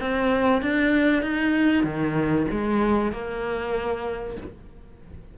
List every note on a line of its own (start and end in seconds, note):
0.00 0.62 C4
0.62 1.22 D4
1.22 1.84 D#4
1.84 2.46 D#3
2.51 3.12 G#3
3.12 4.37 A#3